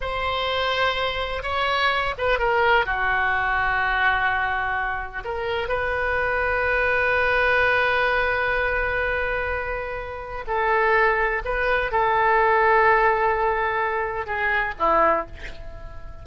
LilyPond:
\new Staff \with { instrumentName = "oboe" } { \time 4/4 \tempo 4 = 126 c''2. cis''4~ | cis''8 b'8 ais'4 fis'2~ | fis'2. ais'4 | b'1~ |
b'1~ | b'2 a'2 | b'4 a'2.~ | a'2 gis'4 e'4 | }